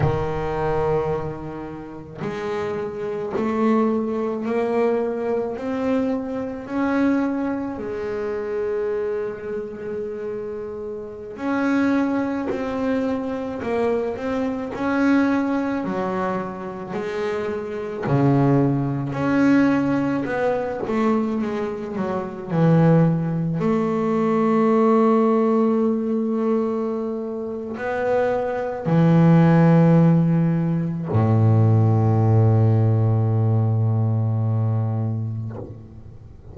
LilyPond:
\new Staff \with { instrumentName = "double bass" } { \time 4/4 \tempo 4 = 54 dis2 gis4 a4 | ais4 c'4 cis'4 gis4~ | gis2~ gis16 cis'4 c'8.~ | c'16 ais8 c'8 cis'4 fis4 gis8.~ |
gis16 cis4 cis'4 b8 a8 gis8 fis16~ | fis16 e4 a2~ a8.~ | a4 b4 e2 | a,1 | }